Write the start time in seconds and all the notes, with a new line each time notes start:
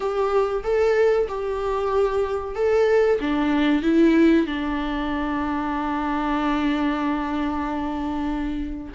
0.00 G4
0.63 A4
1.28 G4
2.55 A4
3.20 D4
3.82 E4
4.46 D4